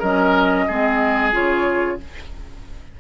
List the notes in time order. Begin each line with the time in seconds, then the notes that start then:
0.00 F#3 C#4 A#4 D#5
0.68 G#3 C4 G#4
1.33 C#3 F4 C#5